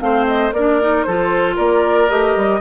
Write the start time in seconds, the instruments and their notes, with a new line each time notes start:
0.00 bassoon A3, clarinet C4, oboe C5, flute F5
0.27 flute D#5
0.52 bassoon A#3, oboe A#4, flute D5
0.59 clarinet D4
0.81 clarinet D#4
1.04 bassoon F3, clarinet F4, oboe A4, flute C5
1.56 bassoon A#3, oboe A#4, flute D5
2.09 bassoon A3, clarinet G4, flute D#5
2.36 bassoon G3